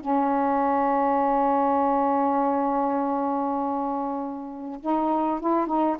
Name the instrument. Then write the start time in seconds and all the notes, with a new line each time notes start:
saxophone
0.00 C#4
4.81 D#4
5.40 E4
5.66 D#4